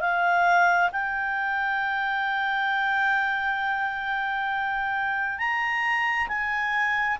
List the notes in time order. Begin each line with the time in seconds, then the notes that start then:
0.00 F5
0.92 G5
5.38 A#5
6.28 G#5